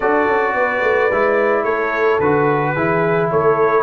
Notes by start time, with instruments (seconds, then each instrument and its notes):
0.00 tuba D4, trombone F#4, horn A4, trumpet D5
0.26 tuba C#4
0.54 tuba B3, horn B4
0.82 tuba A3
1.11 tuba G#3, trombone E4
1.64 tuba A3, horn A4, trumpet C#5
2.19 tuba D3, trombone F#4, trumpet B4
2.75 tuba E3, trombone E4, horn G#4
3.31 tuba A3, horn A4, trumpet C#5